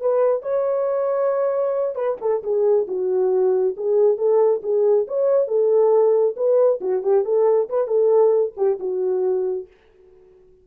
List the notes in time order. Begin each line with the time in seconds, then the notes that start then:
0.00 B4
0.42 C#5
1.95 B4
2.21 A4
2.43 G#4
2.87 F#4
3.76 G#4
4.17 A4
4.62 G#4
5.07 C#5
5.47 A4
6.36 B4
6.81 F#4
7.03 G4
7.25 A4
7.69 B4
7.87 A4
8.56 G4
8.79 F#4